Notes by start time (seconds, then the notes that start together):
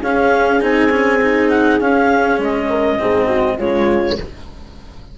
0.00 C#4 G#4 F5
0.60 C4 D#4 G#5
0.90 C#4
1.22 D#4
1.50 F#5
1.80 C#4 F5
2.38 G#3 D#5
2.69 A#4
2.99 G#2 C4 G#4
3.27 F#4
3.57 C#3 G#3 F4 C#5